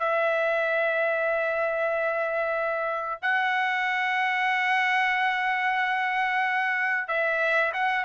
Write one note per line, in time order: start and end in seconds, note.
0.00 3.23 E5
3.23 7.09 F#5
7.09 7.73 E5
7.74 8.05 F#5